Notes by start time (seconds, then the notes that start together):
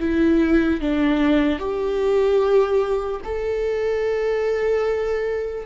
0.00 E4
0.81 D4
1.59 G4
3.25 A4